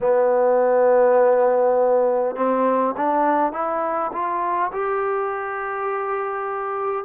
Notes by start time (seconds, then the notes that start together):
0.00 B3
2.35 C4
2.96 D4
3.52 E4
4.12 F4
4.72 G4